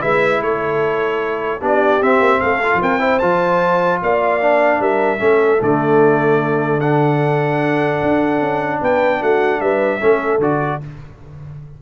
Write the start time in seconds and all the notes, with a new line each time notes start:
0.00 G#3 E4 B4 E5
0.42 A3 A4 C#5
1.61 B3 D4 G4 D5
2.01 C4 E5
2.20 A#3
2.40 A3 A4 F5
2.63 F4
2.74 F3
2.82 C4 A#4 G5
2.99 E4 C5
3.19 F3 F4 A5
4.02 A#3 D5 F5
4.41 D4
4.80 G3 A#4 E5
5.19 A3 C#4 A4
5.60 D3 A3 D5
6.80 D4 F#5
8.02 D4
8.41 C#4
8.80 B3 B4 G5
9.21 A3 F#4 F#5
9.60 G3 B4 E5
10.00 A3 C#4 A4
10.38 D3 F#4 D5